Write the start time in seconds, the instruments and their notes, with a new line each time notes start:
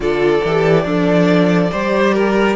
0.00 cello D3, viola F4, violin A4 D5
0.44 cello E3, viola G4
0.84 cello F3, violin D4, viola A4
1.71 cello G3, viola G4, violin C5
2.13 violin A#4